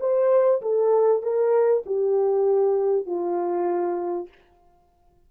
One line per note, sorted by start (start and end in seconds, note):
0.00 0.61 C5
0.61 1.22 A4
1.22 1.83 A#4
1.86 3.06 G4
3.06 4.28 F4